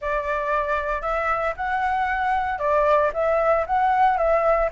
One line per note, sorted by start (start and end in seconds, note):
0.01 1.01 D5
1.01 1.53 E5
1.56 2.58 F#5
2.58 3.11 D5
3.13 3.65 E5
3.66 4.17 F#5
4.17 4.69 E5